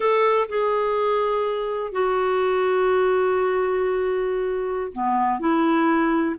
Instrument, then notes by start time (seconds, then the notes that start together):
clarinet
0.00 A4
0.48 G#4
1.92 F#4
4.92 B3
5.39 E4